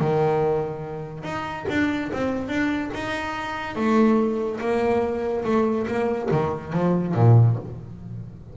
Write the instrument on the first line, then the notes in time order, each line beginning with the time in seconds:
double bass
0.00 D#3
1.24 D#4
1.69 D4
2.13 C4
2.48 D4
2.94 D#4
3.76 A3
4.60 A#3
5.45 A3
5.87 A#3
6.31 D#3
6.73 F3
7.14 A#2